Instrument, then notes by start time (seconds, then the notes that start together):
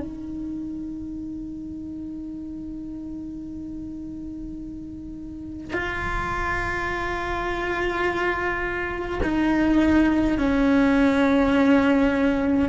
cello
0.00 D#4
5.74 F4
9.24 D#4
10.38 C#4